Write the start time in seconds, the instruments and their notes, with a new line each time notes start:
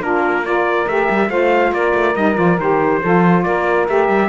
0.00 cello A#3, saxophone D4 F4, trumpet A#4
0.44 saxophone F4 A#4, trumpet D5
0.87 cello A3, saxophone G4, trumpet E5
1.11 cello G3
1.29 cello A3, saxophone F4 C5, trumpet F5
1.72 cello A#3, saxophone A#4, trumpet D5
1.94 cello A3
2.16 cello G3, saxophone D#4, trumpet D#5
2.36 cello F3, saxophone F4, trumpet D5
2.58 cello D#3, saxophone G4, trumpet C5
3.02 cello F3, saxophone F4 A4
3.44 cello A#3, saxophone A#4, trumpet D5
3.88 cello A3, saxophone G4, trumpet E5
4.09 cello G3